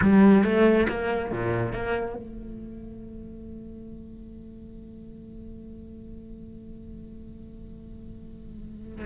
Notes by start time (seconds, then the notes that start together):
0.01 G3
0.44 A3
0.88 A#3
1.31 A#2
1.72 A#3
2.15 A3